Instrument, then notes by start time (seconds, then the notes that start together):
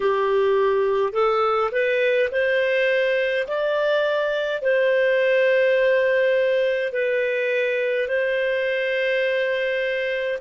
clarinet
0.00 G4
1.13 A4
1.71 B4
2.31 C5
3.47 D5
4.62 C5
6.92 B4
8.08 C5